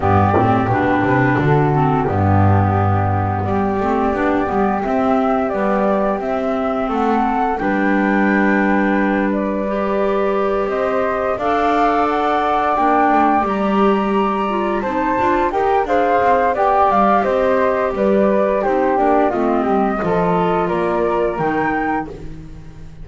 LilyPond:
<<
  \new Staff \with { instrumentName = "flute" } { \time 4/4 \tempo 4 = 87 d''4 b'4 a'4 g'4~ | g'4 d''2 e''4 | d''4 e''4 fis''4 g''4~ | g''4. d''2 dis''8~ |
dis''8 f''4 fis''4 g''4 ais''8~ | ais''4. a''4 g''8 f''4 | g''8 f''8 dis''4 d''4 c''8 d''8 | dis''2 d''4 g''4 | }
  \new Staff \with { instrumentName = "flute" } { \time 4/4 g'2 fis'4 d'4~ | d'4 g'2.~ | g'2 a'4 b'4~ | b'2.~ b'8 c''8~ |
c''8 d''2.~ d''8~ | d''4. c''4 ais'8 c''4 | d''4 c''4 b'4 g'4 | f'8 g'8 a'4 ais'2 | }
  \new Staff \with { instrumentName = "clarinet" } { \time 4/4 b8 c'8 d'4. c'8 b4~ | b4. c'8 d'8 b8 c'4 | g4 c'2 d'4~ | d'2 g'2~ |
g'8 a'2 d'4 g'8~ | g'4 f'8 dis'8 f'8 g'8 gis'4 | g'2. dis'8 d'8 | c'4 f'2 dis'4 | }
  \new Staff \with { instrumentName = "double bass" } { \time 4/4 g,8 a,8 b,8 c8 d4 g,4~ | g,4 g8 a8 b8 g8 c'4 | b4 c'4 a4 g4~ | g2.~ g8 c'8~ |
c'8 d'2 ais8 a8 g8~ | g4. c'8 d'8 dis'8 d'8 c'8 | b8 g8 c'4 g4 c'8 ais8 | a8 g8 f4 ais4 dis4 | }
>>